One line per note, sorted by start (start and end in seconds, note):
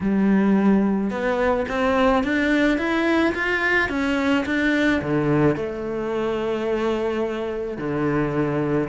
0.01 1.10 G3
1.10 1.66 B3
1.68 2.23 C4
2.23 2.78 D4
2.78 3.33 E4
3.34 3.89 F4
3.89 4.44 C#4
4.45 5.01 D4
5.02 5.56 D3
5.56 7.77 A3
7.77 8.88 D3